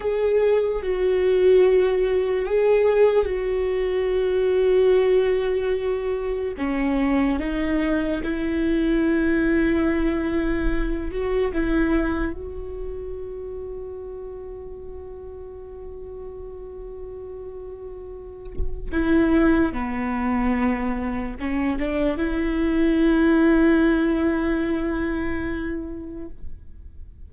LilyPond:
\new Staff \with { instrumentName = "viola" } { \time 4/4 \tempo 4 = 73 gis'4 fis'2 gis'4 | fis'1 | cis'4 dis'4 e'2~ | e'4. fis'8 e'4 fis'4~ |
fis'1~ | fis'2. e'4 | b2 cis'8 d'8 e'4~ | e'1 | }